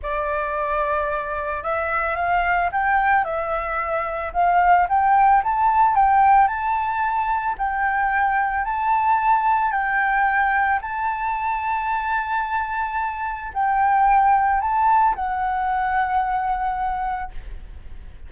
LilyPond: \new Staff \with { instrumentName = "flute" } { \time 4/4 \tempo 4 = 111 d''2. e''4 | f''4 g''4 e''2 | f''4 g''4 a''4 g''4 | a''2 g''2 |
a''2 g''2 | a''1~ | a''4 g''2 a''4 | fis''1 | }